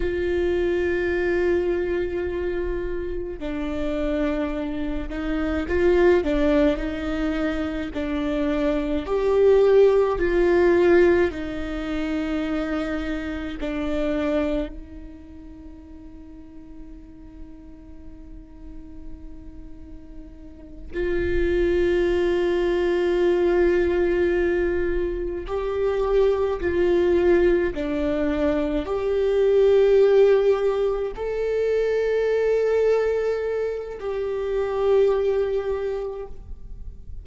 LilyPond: \new Staff \with { instrumentName = "viola" } { \time 4/4 \tempo 4 = 53 f'2. d'4~ | d'8 dis'8 f'8 d'8 dis'4 d'4 | g'4 f'4 dis'2 | d'4 dis'2.~ |
dis'2~ dis'8 f'4.~ | f'2~ f'8 g'4 f'8~ | f'8 d'4 g'2 a'8~ | a'2 g'2 | }